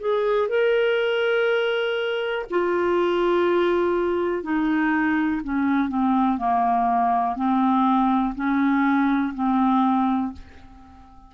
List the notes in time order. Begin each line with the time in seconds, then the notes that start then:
0.00 G#4
0.49 A#4
2.50 F4
4.43 D#4
5.43 C#4
5.88 C4
6.38 A#3
7.35 C4
8.35 C#4
9.34 C4